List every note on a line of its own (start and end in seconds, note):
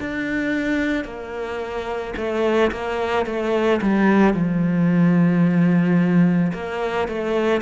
0.00 1.05 D4
1.05 2.14 A#3
2.17 2.72 A3
2.72 3.26 A#3
3.26 3.81 A3
3.82 4.34 G3
4.34 6.52 F3
6.54 7.08 A#3
7.08 7.62 A3